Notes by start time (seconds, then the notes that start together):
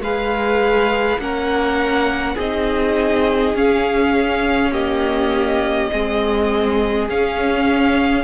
0.00 G#3 G#4 B4 F5
1.18 A#3 C#4 A#4 F#5
2.35 C4 D#4 G#4 D#5
3.55 C#4 F5
4.72 A#3 G4 D#5
5.92 G#3 C4 G#4
7.09 C#4 F5